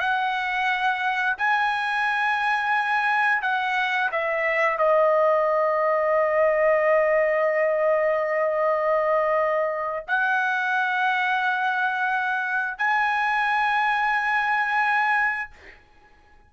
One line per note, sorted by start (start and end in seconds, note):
0.00 1.36 F#5
1.38 3.42 G#5
3.42 4.10 F#5
4.12 4.78 E5
4.78 10.07 D#5
10.08 12.78 F#5
12.78 15.51 G#5